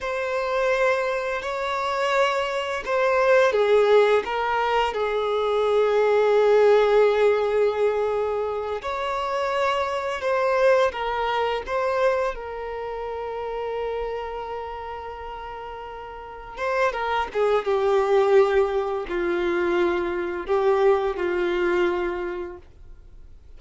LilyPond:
\new Staff \with { instrumentName = "violin" } { \time 4/4 \tempo 4 = 85 c''2 cis''2 | c''4 gis'4 ais'4 gis'4~ | gis'1~ | gis'8 cis''2 c''4 ais'8~ |
ais'8 c''4 ais'2~ ais'8~ | ais'2.~ ais'8 c''8 | ais'8 gis'8 g'2 f'4~ | f'4 g'4 f'2 | }